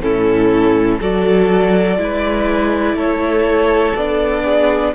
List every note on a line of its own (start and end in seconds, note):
0.00 0.98 A2
0.00 1.00 C#4
0.00 0.99 E4
0.00 1.00 A4
0.99 1.97 F#3
0.99 1.98 F#4
0.99 1.97 A4
0.99 2.98 D5
1.97 2.93 G#3
1.97 3.95 E4
1.97 2.95 B4
2.93 3.92 A3
2.93 4.43 A4
2.93 3.96 C#5
3.95 4.94 B3
3.95 4.94 D4
3.95 4.94 D5
4.43 4.92 G#4